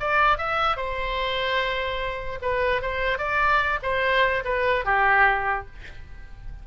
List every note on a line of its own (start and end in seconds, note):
0.00 0.38 D5
0.38 0.77 E5
0.77 2.39 C5
2.42 2.82 B4
2.82 3.18 C5
3.18 3.79 D5
3.83 4.43 C5
4.44 4.85 B4
4.85 5.66 G4